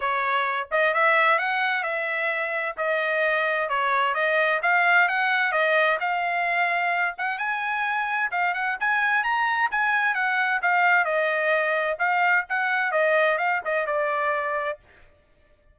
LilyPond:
\new Staff \with { instrumentName = "trumpet" } { \time 4/4 \tempo 4 = 130 cis''4. dis''8 e''4 fis''4 | e''2 dis''2 | cis''4 dis''4 f''4 fis''4 | dis''4 f''2~ f''8 fis''8 |
gis''2 f''8 fis''8 gis''4 | ais''4 gis''4 fis''4 f''4 | dis''2 f''4 fis''4 | dis''4 f''8 dis''8 d''2 | }